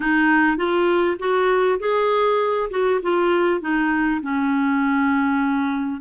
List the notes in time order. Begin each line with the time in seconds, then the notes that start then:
0.00 D#4
0.57 F4
1.19 F#4
1.79 G#4
2.70 F#4
3.02 F4
3.61 D#4
4.21 C#4